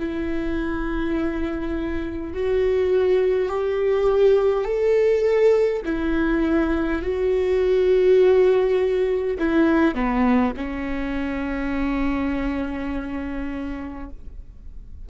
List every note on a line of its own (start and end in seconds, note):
0.00 2.34 E4
2.34 3.50 F#4
3.50 4.65 G4
4.65 5.82 A4
5.86 7.03 E4
7.03 9.38 F#4
9.39 9.95 E4
9.95 10.54 B3
10.57 14.10 C#4